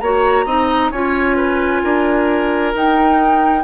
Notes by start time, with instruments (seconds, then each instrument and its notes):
0.00 bassoon A#3, clarinet F#4, oboe C#5, flute A#5
0.46 bassoon C4, clarinet D#4, oboe D#5
0.91 bassoon C#4, clarinet F4, oboe C#5, flute G#5
1.36 oboe B4
1.83 bassoon D4, oboe A#4
2.75 bassoon D#4, clarinet D#4, flute G5